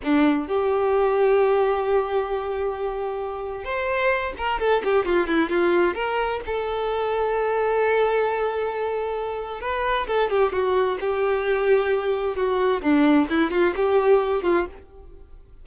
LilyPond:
\new Staff \with { instrumentName = "violin" } { \time 4/4 \tempo 4 = 131 d'4 g'2.~ | g'1 | c''4. ais'8 a'8 g'8 f'8 e'8 | f'4 ais'4 a'2~ |
a'1~ | a'4 b'4 a'8 g'8 fis'4 | g'2. fis'4 | d'4 e'8 f'8 g'4. f'8 | }